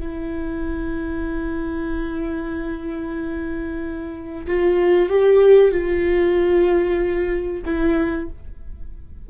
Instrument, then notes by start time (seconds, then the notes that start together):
viola
0.00 E4
4.47 F4
5.09 G4
5.72 F4
7.65 E4